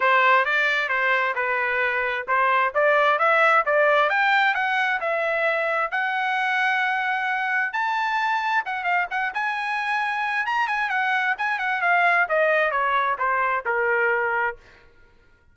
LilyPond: \new Staff \with { instrumentName = "trumpet" } { \time 4/4 \tempo 4 = 132 c''4 d''4 c''4 b'4~ | b'4 c''4 d''4 e''4 | d''4 g''4 fis''4 e''4~ | e''4 fis''2.~ |
fis''4 a''2 fis''8 f''8 | fis''8 gis''2~ gis''8 ais''8 gis''8 | fis''4 gis''8 fis''8 f''4 dis''4 | cis''4 c''4 ais'2 | }